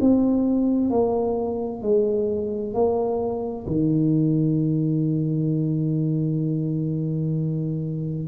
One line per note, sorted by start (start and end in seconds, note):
0.00 0.90 C4
0.90 1.82 A#3
1.82 2.74 G#3
2.74 3.66 A#3
3.67 8.28 D#3